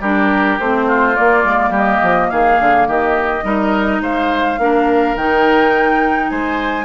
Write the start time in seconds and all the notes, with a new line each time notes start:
0.00 G3 D4 G4 A#4
0.59 A3 C4 C5
0.87 F4
1.15 A#3 D5
1.44 G#3
1.70 G3 G4 D#5
2.02 F3
2.29 D#3 G#4 F5
2.59 D3
2.87 D#3 G4 D#5
3.43 G3 D#4 A#4
4.00 G#3 C5 F5
4.58 A#3 D4 A#4
5.15 D#3 D#4 G5
6.29 G#3 C5 G#5